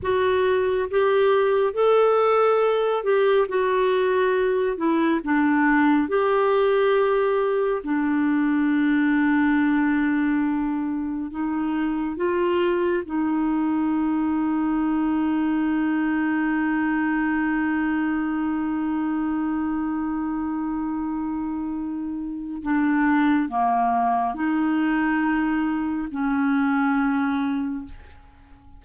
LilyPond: \new Staff \with { instrumentName = "clarinet" } { \time 4/4 \tempo 4 = 69 fis'4 g'4 a'4. g'8 | fis'4. e'8 d'4 g'4~ | g'4 d'2.~ | d'4 dis'4 f'4 dis'4~ |
dis'1~ | dis'1~ | dis'2 d'4 ais4 | dis'2 cis'2 | }